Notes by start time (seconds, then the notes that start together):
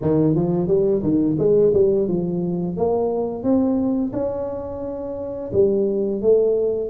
0.01 D#3
0.34 F3
0.67 G3
1.03 D#3
1.39 G#3
1.73 G3
2.08 F3
2.76 A#3
3.43 C4
4.13 C#4
5.52 G3
6.21 A3